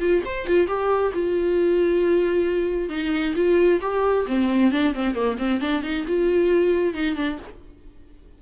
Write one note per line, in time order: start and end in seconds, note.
0.00 0.22 F4
0.25 0.46 C5
0.46 0.67 F4
0.67 1.12 G4
1.13 2.89 F4
2.89 3.34 D#4
3.35 3.80 F4
3.81 4.26 G4
4.27 4.71 C4
4.71 4.94 D4
4.94 5.15 C4
5.15 5.37 A#3
5.38 5.61 C4
5.61 5.82 D4
5.82 6.05 D#4
6.07 6.94 F4
6.94 7.16 D#4
7.16 7.38 D4